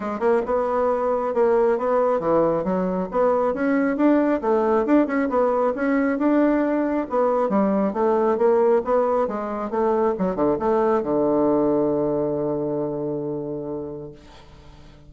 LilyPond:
\new Staff \with { instrumentName = "bassoon" } { \time 4/4 \tempo 4 = 136 gis8 ais8 b2 ais4 | b4 e4 fis4 b4 | cis'4 d'4 a4 d'8 cis'8 | b4 cis'4 d'2 |
b4 g4 a4 ais4 | b4 gis4 a4 fis8 d8 | a4 d2.~ | d1 | }